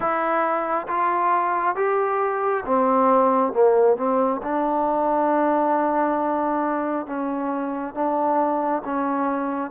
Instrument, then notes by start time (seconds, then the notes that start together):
trombone
0.00 E4
0.87 F4
1.75 G4
2.65 C4
3.53 A#3
3.97 C4
4.42 D4
7.06 C#4
7.94 D4
8.85 C#4